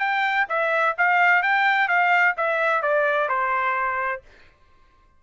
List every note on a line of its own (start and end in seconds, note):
0.00 0.47 G5
0.49 0.96 E5
0.98 1.43 F5
1.43 1.88 G5
1.88 2.35 F5
2.37 2.83 E5
2.83 3.29 D5
3.29 4.22 C5